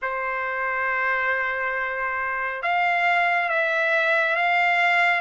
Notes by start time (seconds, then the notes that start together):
0.02 C5
2.62 F5
3.49 E5
4.36 F5